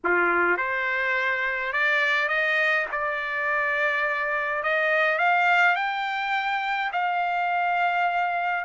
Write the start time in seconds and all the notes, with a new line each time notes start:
0.03 F4
0.57 C5
1.72 D5
2.28 D#5
2.91 D5
4.63 D#5
5.18 F5
5.75 G5
6.92 F5